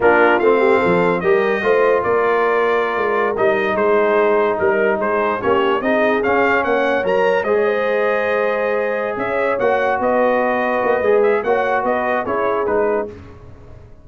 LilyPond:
<<
  \new Staff \with { instrumentName = "trumpet" } { \time 4/4 \tempo 4 = 147 ais'4 f''2 dis''4~ | dis''4 d''2.~ | d''16 dis''4 c''2 ais'8.~ | ais'16 c''4 cis''4 dis''4 f''8.~ |
f''16 fis''4 ais''4 dis''4.~ dis''16~ | dis''2~ dis''8 e''4 fis''8~ | fis''8 dis''2. e''8 | fis''4 dis''4 cis''4 b'4 | }
  \new Staff \with { instrumentName = "horn" } { \time 4/4 f'4. g'8 a'4 ais'4 | c''4 ais'2.~ | ais'4~ ais'16 gis'2 ais'8.~ | ais'16 gis'4 g'4 gis'4.~ gis'16~ |
gis'16 cis''2 c''16 cis''16 c''4~ c''16~ | c''2~ c''8 cis''4.~ | cis''8 b'2.~ b'8 | cis''4 b'4 gis'2 | }
  \new Staff \with { instrumentName = "trombone" } { \time 4/4 d'4 c'2 g'4 | f'1~ | f'16 dis'2.~ dis'8.~ | dis'4~ dis'16 cis'4 dis'4 cis'8.~ |
cis'4~ cis'16 ais'4 gis'4.~ gis'16~ | gis'2.~ gis'8 fis'8~ | fis'2. gis'4 | fis'2 e'4 dis'4 | }
  \new Staff \with { instrumentName = "tuba" } { \time 4/4 ais4 a4 f4 g4 | a4 ais2~ ais16 gis8.~ | gis16 g4 gis2 g8.~ | g16 gis4 ais4 c'4 cis'8.~ |
cis'16 ais4 fis4 gis4.~ gis16~ | gis2~ gis8 cis'4 ais8~ | ais8 b2 ais8 gis4 | ais4 b4 cis'4 gis4 | }
>>